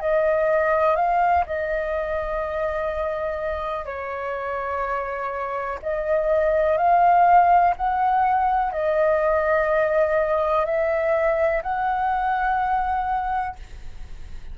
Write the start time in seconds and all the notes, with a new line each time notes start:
0.00 D#5
0.96 F5
1.46 D#5
3.85 C#5
5.82 D#5
6.77 F5
7.77 F#5
8.72 D#5
10.65 E5
11.63 F#5